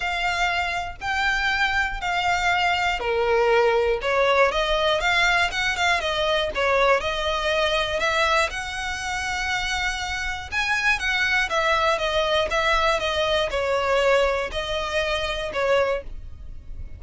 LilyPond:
\new Staff \with { instrumentName = "violin" } { \time 4/4 \tempo 4 = 120 f''2 g''2 | f''2 ais'2 | cis''4 dis''4 f''4 fis''8 f''8 | dis''4 cis''4 dis''2 |
e''4 fis''2.~ | fis''4 gis''4 fis''4 e''4 | dis''4 e''4 dis''4 cis''4~ | cis''4 dis''2 cis''4 | }